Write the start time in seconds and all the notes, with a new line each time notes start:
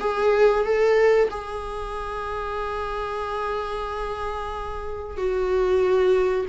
0.00 G#4
0.64 A4
1.30 G#4
5.17 F#4